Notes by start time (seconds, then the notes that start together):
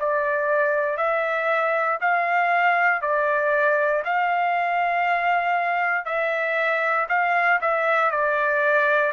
0.00 D5
0.98 E5
2.02 F5
3.02 D5
4.05 F5
6.06 E5
7.10 F5
7.62 E5
8.12 D5